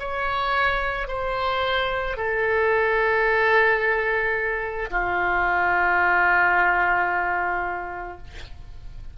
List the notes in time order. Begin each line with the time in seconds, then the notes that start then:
0.00 C#5
1.08 C5
2.17 A4
4.91 F4